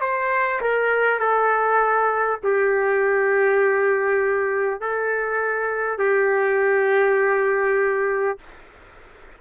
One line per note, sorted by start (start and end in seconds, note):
0.00 0.60 C5
0.61 1.19 A#4
1.19 2.39 A4
2.43 4.80 G4
4.80 5.98 A4
5.98 8.38 G4